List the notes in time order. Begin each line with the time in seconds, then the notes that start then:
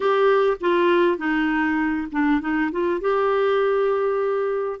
0.00 G4
0.60 F4
1.17 D#4
2.11 D4
2.41 D#4
2.71 F4
3.01 G4